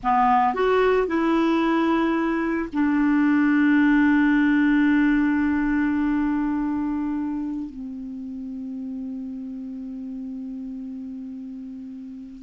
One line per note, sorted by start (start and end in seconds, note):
0.03 0.54 B3
0.54 1.07 F#4
1.07 2.69 E4
2.72 7.70 D4
7.70 12.42 C4